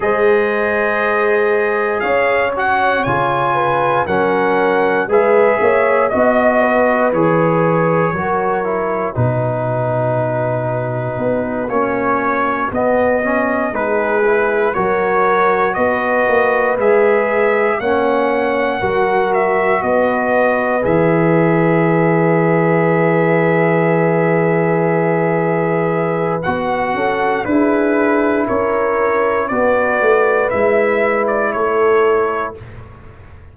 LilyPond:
<<
  \new Staff \with { instrumentName = "trumpet" } { \time 4/4 \tempo 4 = 59 dis''2 f''8 fis''8 gis''4 | fis''4 e''4 dis''4 cis''4~ | cis''4 b'2~ b'8 cis''8~ | cis''8 dis''4 b'4 cis''4 dis''8~ |
dis''8 e''4 fis''4. e''8 dis''8~ | dis''8 e''2.~ e''8~ | e''2 fis''4 b'4 | cis''4 d''4 e''8. d''16 cis''4 | }
  \new Staff \with { instrumentName = "horn" } { \time 4/4 c''2 cis''4. b'8 | ais'4 b'8 cis''8 dis''8 b'4. | ais'4 fis'2.~ | fis'4. gis'4 ais'4 b'8~ |
b'4. cis''4 ais'4 b'8~ | b'1~ | b'2~ b'8 a'8 gis'4 | ais'4 b'2 a'4 | }
  \new Staff \with { instrumentName = "trombone" } { \time 4/4 gis'2~ gis'8 fis'8 f'4 | cis'4 gis'4 fis'4 gis'4 | fis'8 e'8 dis'2~ dis'8 cis'8~ | cis'8 b8 cis'8 dis'8 e'8 fis'4.~ |
fis'8 gis'4 cis'4 fis'4.~ | fis'8 gis'2.~ gis'8~ | gis'2 fis'4 e'4~ | e'4 fis'4 e'2 | }
  \new Staff \with { instrumentName = "tuba" } { \time 4/4 gis2 cis'4 cis4 | fis4 gis8 ais8 b4 e4 | fis4 b,2 b8 ais8~ | ais8 b4 gis4 fis4 b8 |
ais8 gis4 ais4 fis4 b8~ | b8 e2.~ e8~ | e2 b8 cis'8 d'4 | cis'4 b8 a8 gis4 a4 | }
>>